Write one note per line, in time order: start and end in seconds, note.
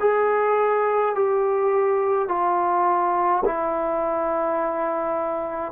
0.00 1.15 G#4
1.15 2.28 G4
2.28 3.44 F4
3.45 5.72 E4